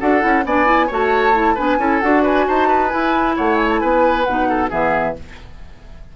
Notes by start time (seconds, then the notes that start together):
0.00 D4 F#4 A4 F#5
0.21 C#4 E4
0.45 B3 D4 D5 G#5
0.66 E4
0.87 A3 F#4 C#5
0.93 A5
1.34 E4
1.55 B3 D4 B4 G#5
1.78 C#4 E4 A4
2.01 D4 F#4 F#5
2.23 B4 G#5
2.48 D#4 C5 A5
2.68 B4
2.89 E4 G#5
3.36 A3 C#5 F#5
3.57 G#5
3.70 A5
3.80 B3 B4 G#5
4.24 B2 D#4 F#5
4.49 A4
4.69 E3 B3 G#4 E5